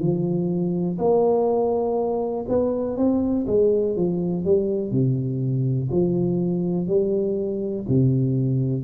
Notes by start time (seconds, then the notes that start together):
0.00 F3
0.99 A#3
2.49 B3
2.97 C4
3.47 G#3
3.97 F3
4.45 G3
4.91 C3
5.92 F3
6.88 G3
7.89 C3